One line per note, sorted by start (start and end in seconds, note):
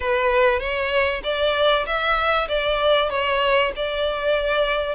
0.00 0.59 B4
0.59 1.21 C#5
1.23 1.85 D5
1.86 2.48 E5
2.48 3.10 D5
3.10 3.71 C#5
3.76 4.95 D5